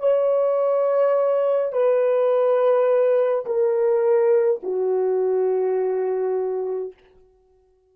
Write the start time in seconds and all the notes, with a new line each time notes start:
0.00 C#5
1.73 B4
3.46 A#4
4.63 F#4